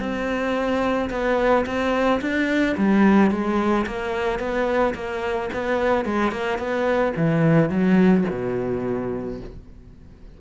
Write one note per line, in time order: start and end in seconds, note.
0.00 1.10 C4
1.11 1.66 B3
1.66 2.21 C4
2.21 2.76 D4
2.77 3.31 G3
3.31 3.86 G#3
3.87 4.39 A#3
4.39 4.94 B3
4.95 5.50 A#3
5.53 6.06 B3
6.06 6.32 G#3
6.32 6.59 A#3
6.59 7.14 B3
7.17 7.70 E3
7.70 8.25 F#3
8.30 9.41 B2